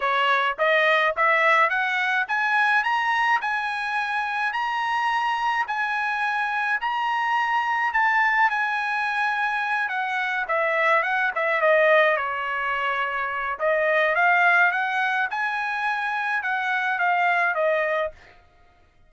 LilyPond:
\new Staff \with { instrumentName = "trumpet" } { \time 4/4 \tempo 4 = 106 cis''4 dis''4 e''4 fis''4 | gis''4 ais''4 gis''2 | ais''2 gis''2 | ais''2 a''4 gis''4~ |
gis''4. fis''4 e''4 fis''8 | e''8 dis''4 cis''2~ cis''8 | dis''4 f''4 fis''4 gis''4~ | gis''4 fis''4 f''4 dis''4 | }